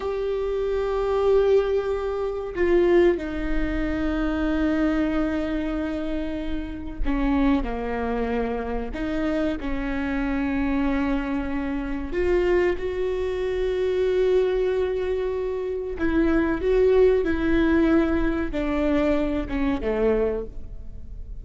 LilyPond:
\new Staff \with { instrumentName = "viola" } { \time 4/4 \tempo 4 = 94 g'1 | f'4 dis'2.~ | dis'2. cis'4 | ais2 dis'4 cis'4~ |
cis'2. f'4 | fis'1~ | fis'4 e'4 fis'4 e'4~ | e'4 d'4. cis'8 a4 | }